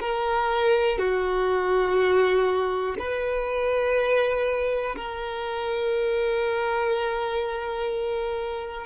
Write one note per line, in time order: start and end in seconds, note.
0.00 0.98 A#4
0.98 2.95 F#4
2.99 4.95 B4
4.96 8.86 A#4